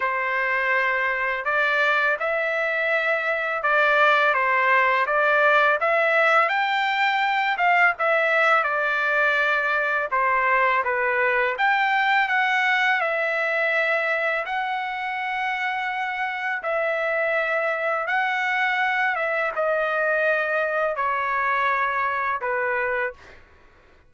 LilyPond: \new Staff \with { instrumentName = "trumpet" } { \time 4/4 \tempo 4 = 83 c''2 d''4 e''4~ | e''4 d''4 c''4 d''4 | e''4 g''4. f''8 e''4 | d''2 c''4 b'4 |
g''4 fis''4 e''2 | fis''2. e''4~ | e''4 fis''4. e''8 dis''4~ | dis''4 cis''2 b'4 | }